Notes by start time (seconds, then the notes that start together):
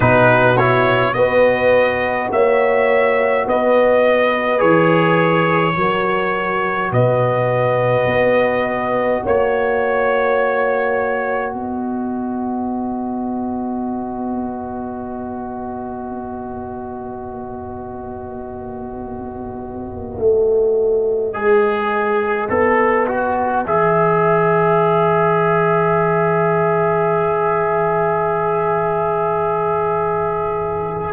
0.00 B2 D#4 F#4 B4
0.57 E4 C#5
1.13 B3 F#4 B4 D#5
2.30 A#3 C#5 E5
3.46 B3 B4 D#5
4.58 E3 G#4 C#5
5.76 F#3 F#4 A#4
6.91 B2 B4 D#5
8.06 B3
9.23 A#3 C#5
11.52 B3 B4 D#5
20.19 A3
21.33 G#3 G#4
22.49 B3 A4
23.07 F#4
23.64 E3 G#4 E5